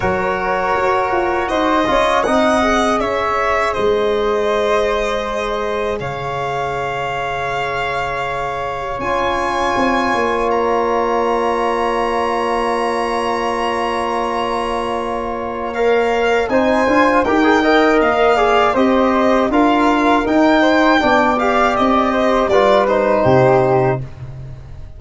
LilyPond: <<
  \new Staff \with { instrumentName = "violin" } { \time 4/4 \tempo 4 = 80 cis''2 dis''4 fis''4 | e''4 dis''2. | f''1 | gis''2 ais''2~ |
ais''1~ | ais''4 f''4 gis''4 g''4 | f''4 dis''4 f''4 g''4~ | g''8 f''8 dis''4 d''8 c''4. | }
  \new Staff \with { instrumentName = "flute" } { \time 4/4 ais'2 c''8 cis''8 dis''4 | cis''4 c''2. | cis''1~ | cis''1~ |
cis''1~ | cis''2 c''4 ais'8 dis''8~ | dis''8 d''8 c''4 ais'4. c''8 | d''4. c''8 b'4 g'4 | }
  \new Staff \with { instrumentName = "trombone" } { \time 4/4 fis'2~ fis'8 f'8 dis'8 gis'8~ | gis'1~ | gis'1 | f'1~ |
f'1~ | f'4 ais'4 dis'8 f'8 g'16 gis'16 ais'8~ | ais'8 gis'8 g'4 f'4 dis'4 | d'8 g'4. f'8 dis'4. | }
  \new Staff \with { instrumentName = "tuba" } { \time 4/4 fis4 fis'8 f'8 dis'8 cis'8 c'4 | cis'4 gis2. | cis1 | cis'4 c'8 ais2~ ais8~ |
ais1~ | ais2 c'8 d'8 dis'4 | ais4 c'4 d'4 dis'4 | b4 c'4 g4 c4 | }
>>